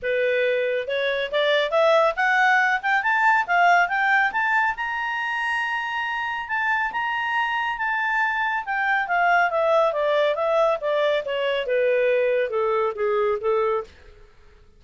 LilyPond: \new Staff \with { instrumentName = "clarinet" } { \time 4/4 \tempo 4 = 139 b'2 cis''4 d''4 | e''4 fis''4. g''8 a''4 | f''4 g''4 a''4 ais''4~ | ais''2. a''4 |
ais''2 a''2 | g''4 f''4 e''4 d''4 | e''4 d''4 cis''4 b'4~ | b'4 a'4 gis'4 a'4 | }